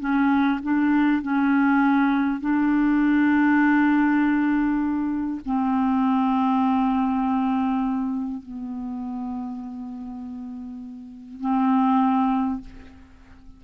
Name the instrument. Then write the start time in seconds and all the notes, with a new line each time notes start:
clarinet
0.00 C#4
0.63 D4
1.22 C#4
2.41 D4
5.46 C4
8.42 B3
11.41 C4